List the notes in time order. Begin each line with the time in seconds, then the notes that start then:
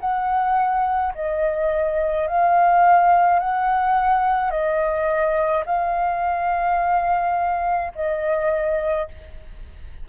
0.00 F#5
1.14 D#5
2.27 F5
3.39 F#5
4.50 D#5
5.66 F5
7.95 D#5